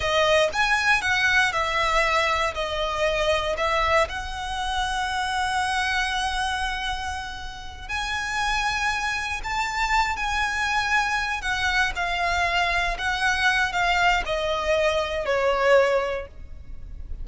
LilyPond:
\new Staff \with { instrumentName = "violin" } { \time 4/4 \tempo 4 = 118 dis''4 gis''4 fis''4 e''4~ | e''4 dis''2 e''4 | fis''1~ | fis''2.~ fis''8 gis''8~ |
gis''2~ gis''8 a''4. | gis''2~ gis''8 fis''4 f''8~ | f''4. fis''4. f''4 | dis''2 cis''2 | }